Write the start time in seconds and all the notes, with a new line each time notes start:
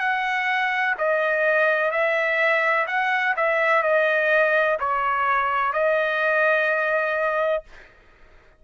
0.00 F#5
0.99 D#5
1.91 E5
2.88 F#5
3.37 E5
3.83 D#5
4.80 C#5
5.74 D#5